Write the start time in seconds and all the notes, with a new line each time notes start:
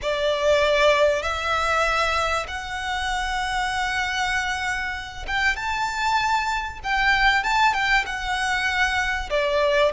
0.01 D5
1.22 E5
2.47 F#5
5.27 G5
5.56 A5
6.84 G5
7.43 A5
7.73 G5
8.06 F#5
9.30 D5